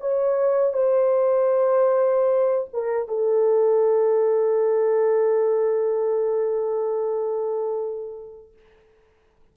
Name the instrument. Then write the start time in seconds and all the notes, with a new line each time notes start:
horn
0.00 C#5
0.73 C5
2.73 A#4
3.08 A4